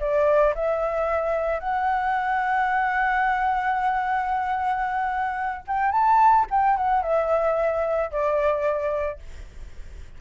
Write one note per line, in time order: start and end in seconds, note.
0.00 0.54 D5
0.55 1.59 E5
1.59 5.65 F#5
5.67 5.92 G5
5.92 6.46 A5
6.50 6.77 G5
6.77 7.02 F#5
7.02 8.11 E5
8.11 9.19 D5